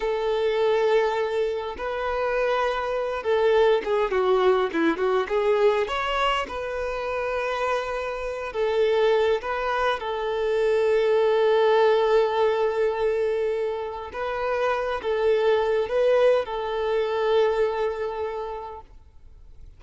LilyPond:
\new Staff \with { instrumentName = "violin" } { \time 4/4 \tempo 4 = 102 a'2. b'4~ | b'4. a'4 gis'8 fis'4 | e'8 fis'8 gis'4 cis''4 b'4~ | b'2~ b'8 a'4. |
b'4 a'2.~ | a'1 | b'4. a'4. b'4 | a'1 | }